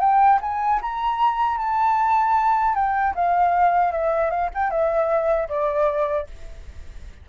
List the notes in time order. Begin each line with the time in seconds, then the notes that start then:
0.00 G5
0.41 G#5
0.81 A#5
1.58 A5
2.75 G5
3.15 F5
3.92 E5
4.30 F5
4.54 G5
4.70 E5
5.49 D5